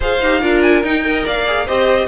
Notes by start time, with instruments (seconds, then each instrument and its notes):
0.00 cello F4, viola G#4, violin C5 F5
0.21 cello D#4, viola G4
0.40 cello D4, viola F4, violin A#4
0.62 violin G#5
0.83 cello D#4, viola D#4, violin G5
1.04 viola A#4, violin D#5
1.25 cello A#3, violin D5 F5
1.46 viola G#4
1.65 cello C4, viola G4, violin C5 D#5